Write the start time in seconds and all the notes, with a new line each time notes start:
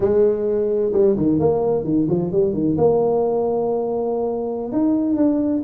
0.00 G#3
0.92 G3
1.16 D#3
1.39 A#3
1.84 D#3
2.09 F3
2.32 G3
2.53 D#3
2.77 A#3
4.72 D#4
5.16 D4